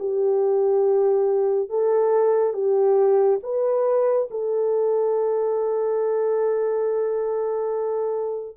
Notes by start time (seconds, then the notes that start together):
0.00 G4
1.69 A4
2.54 G4
3.43 B4
4.31 A4